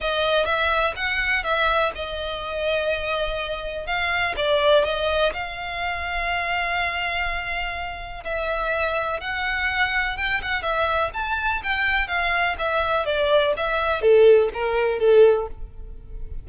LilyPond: \new Staff \with { instrumentName = "violin" } { \time 4/4 \tempo 4 = 124 dis''4 e''4 fis''4 e''4 | dis''1 | f''4 d''4 dis''4 f''4~ | f''1~ |
f''4 e''2 fis''4~ | fis''4 g''8 fis''8 e''4 a''4 | g''4 f''4 e''4 d''4 | e''4 a'4 ais'4 a'4 | }